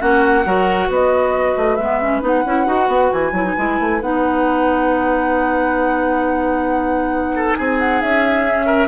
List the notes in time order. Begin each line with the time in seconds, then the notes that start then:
0.00 A#3 C#4 F#4 F#5
0.45 F#3 F#4 A#4
0.88 B3 B4 D#5
1.57 A3
1.76 G#3 B3 E5
2.02 C#4
2.22 B3 D#4 F#5
2.46 C#4 E4
2.66 D#4 F#4
2.88 B3
3.13 E3 G#5
3.32 F#3 E4
3.44 D#4
3.57 G#3 E4
3.80 A3
4.01 B3 D#4 F#5
7.36 A4
7.56 C4 G#4 G#5
7.79 F#5
8.01 C#4 E5
8.47 C#4
8.66 A#4